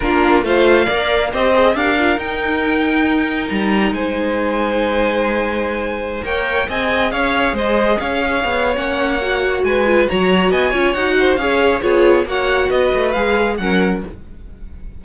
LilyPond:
<<
  \new Staff \with { instrumentName = "violin" } { \time 4/4 \tempo 4 = 137 ais'4 f''2 dis''4 | f''4 g''2. | ais''4 gis''2.~ | gis''2~ gis''16 g''4 gis''8.~ |
gis''16 f''4 dis''4 f''4.~ f''16 | fis''2 gis''4 ais''4 | gis''4 fis''4 f''4 cis''4 | fis''4 dis''4 f''4 fis''4 | }
  \new Staff \with { instrumentName = "violin" } { \time 4/4 f'4 c''4 d''4 c''4 | ais'1~ | ais'4 c''2.~ | c''2~ c''16 cis''4 dis''8.~ |
dis''16 cis''4 c''4 cis''4.~ cis''16~ | cis''2 b'4 cis''4 | dis''8 cis''4 c''8 cis''4 gis'4 | cis''4 b'2 ais'4 | }
  \new Staff \with { instrumentName = "viola" } { \time 4/4 d'4 f'4 ais'4 g'8 gis'8 | g'8 f'8 dis'2.~ | dis'1~ | dis'2~ dis'16 ais'4 gis'8.~ |
gis'1 | cis'4 fis'4. f'8 fis'4~ | fis'8 f'8 fis'4 gis'4 f'4 | fis'2 gis'4 cis'4 | }
  \new Staff \with { instrumentName = "cello" } { \time 4/4 ais4 a4 ais4 c'4 | d'4 dis'2. | g4 gis2.~ | gis2~ gis16 ais4 c'8.~ |
c'16 cis'4 gis4 cis'4 b8. | ais2 gis4 fis4 | b8 cis'8 dis'4 cis'4 b4 | ais4 b8 a8 gis4 fis4 | }
>>